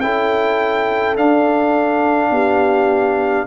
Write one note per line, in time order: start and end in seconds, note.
0.00 1.16 C#4
0.00 1.16 E4
0.00 2.32 A4
0.00 1.15 G5
1.16 2.30 D4
1.16 3.47 D4
1.16 3.47 F5
2.30 3.45 B3
2.30 3.47 G4